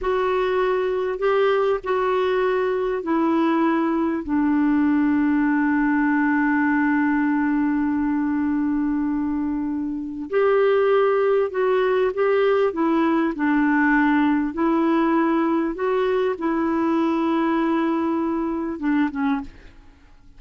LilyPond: \new Staff \with { instrumentName = "clarinet" } { \time 4/4 \tempo 4 = 99 fis'2 g'4 fis'4~ | fis'4 e'2 d'4~ | d'1~ | d'1~ |
d'4 g'2 fis'4 | g'4 e'4 d'2 | e'2 fis'4 e'4~ | e'2. d'8 cis'8 | }